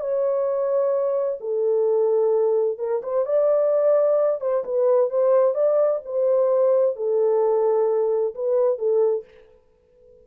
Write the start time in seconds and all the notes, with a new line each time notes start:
0.00 C#5
1.40 A4
2.78 A#4
3.03 C5
3.25 D5
4.41 C5
4.64 B4
5.10 C5
5.54 D5
6.05 C5
6.96 A4
8.35 B4
8.78 A4